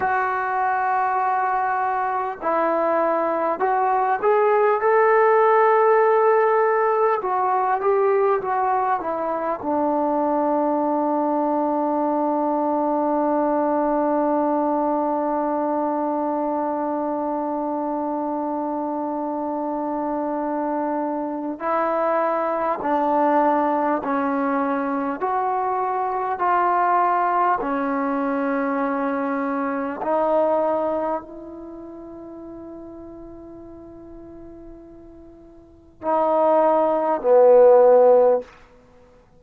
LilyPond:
\new Staff \with { instrumentName = "trombone" } { \time 4/4 \tempo 4 = 50 fis'2 e'4 fis'8 gis'8 | a'2 fis'8 g'8 fis'8 e'8 | d'1~ | d'1~ |
d'2 e'4 d'4 | cis'4 fis'4 f'4 cis'4~ | cis'4 dis'4 e'2~ | e'2 dis'4 b4 | }